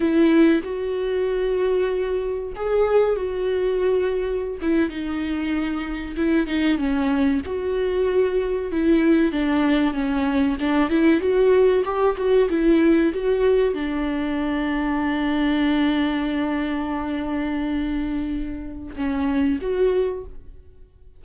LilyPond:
\new Staff \with { instrumentName = "viola" } { \time 4/4 \tempo 4 = 95 e'4 fis'2. | gis'4 fis'2~ fis'16 e'8 dis'16~ | dis'4.~ dis'16 e'8 dis'8 cis'4 fis'16~ | fis'4.~ fis'16 e'4 d'4 cis'16~ |
cis'8. d'8 e'8 fis'4 g'8 fis'8 e'16~ | e'8. fis'4 d'2~ d'16~ | d'1~ | d'2 cis'4 fis'4 | }